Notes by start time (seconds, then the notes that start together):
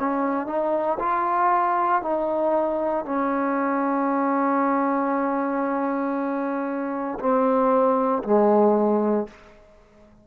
0.00 C#4
0.47 D#4
1.00 F4
2.03 D#4
3.06 C#4
7.20 C4
8.24 G#3